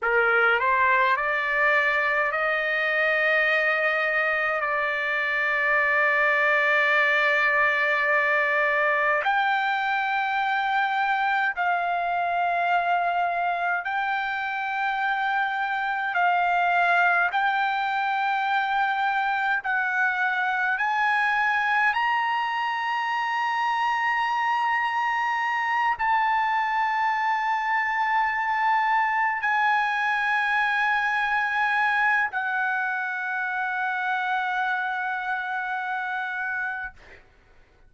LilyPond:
\new Staff \with { instrumentName = "trumpet" } { \time 4/4 \tempo 4 = 52 ais'8 c''8 d''4 dis''2 | d''1 | g''2 f''2 | g''2 f''4 g''4~ |
g''4 fis''4 gis''4 ais''4~ | ais''2~ ais''8 a''4.~ | a''4. gis''2~ gis''8 | fis''1 | }